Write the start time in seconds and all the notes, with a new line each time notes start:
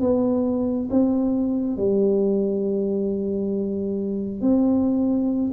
0.00 B3
0.90 C4
1.76 G3
4.41 C4